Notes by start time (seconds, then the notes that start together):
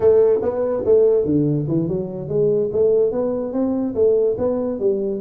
0.00 A3
0.41 B3
0.85 A3
1.25 D3
1.67 E3
1.87 F#3
2.28 G#3
2.72 A3
3.11 B3
3.52 C4
3.94 A3
4.37 B3
4.79 G3